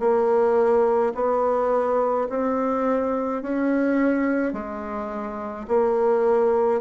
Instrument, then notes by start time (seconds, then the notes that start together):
bassoon
0.00 A#3
1.15 B3
2.30 C4
3.42 C#4
4.53 G#3
5.68 A#3